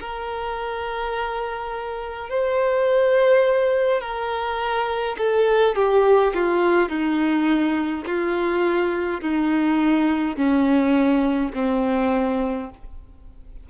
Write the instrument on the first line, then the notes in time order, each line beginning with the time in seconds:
violin
0.00 A#4
2.29 C5
4.01 A#4
5.18 A4
5.75 G4
6.34 F4
6.89 D#4
8.06 F4
9.21 D#4
10.36 C#4
11.54 C4